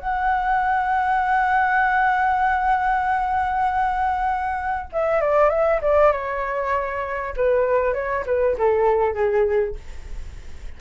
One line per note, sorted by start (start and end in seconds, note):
0.00 4.90 F#5
4.93 5.21 E5
5.21 5.50 D5
5.50 5.81 E5
5.82 6.13 D5
6.13 7.35 C#5
7.37 7.94 B4
7.94 8.25 C#5
8.26 8.57 B4
8.59 9.14 A4
9.14 9.75 G#4